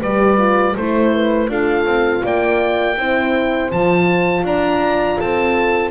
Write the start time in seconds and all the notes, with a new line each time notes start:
0.00 G3 G4 B4 D5
0.37 F4
0.76 A3 E4 C5
1.14 B4
1.48 D4 F4 A4 F5
1.85 C4
2.23 A#3 D5 G5
2.97 C4 E4 C5
3.71 F3 F4 A5
4.44 D4 D5 A#5
5.18 C4 A4 A5